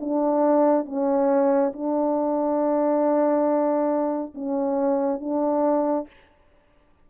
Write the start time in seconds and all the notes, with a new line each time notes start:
0.00 D4
0.85 C#4
1.73 D4
4.34 C#4
5.20 D4